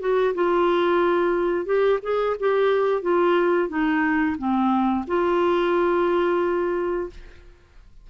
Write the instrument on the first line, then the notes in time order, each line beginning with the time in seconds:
clarinet
0.00 F#4
0.34 F4
1.65 G4
2.02 G#4
2.39 G4
3.02 F4
3.69 D#4
4.38 C4
5.07 F4